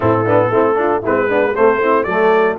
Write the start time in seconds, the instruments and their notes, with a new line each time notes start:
0.00 tuba A2, trombone C4, horn E4, trumpet A4
0.25 trombone B3, horn D4
0.50 tuba A3, trombone C4, horn E4
0.75 trombone D4, horn F4
1.02 tuba G#3, trombone C4, horn E4, trumpet B4
1.28 trombone B3, horn D4
1.55 trombone A3, tuba A3, horn C4, trumpet C5
1.80 trombone C4, horn E4
2.03 tuba F#3, trombone A3, horn A4, trumpet D5